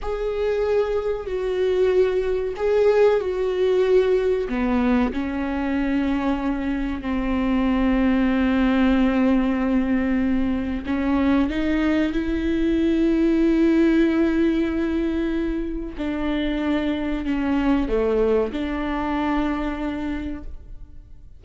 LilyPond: \new Staff \with { instrumentName = "viola" } { \time 4/4 \tempo 4 = 94 gis'2 fis'2 | gis'4 fis'2 b4 | cis'2. c'4~ | c'1~ |
c'4 cis'4 dis'4 e'4~ | e'1~ | e'4 d'2 cis'4 | a4 d'2. | }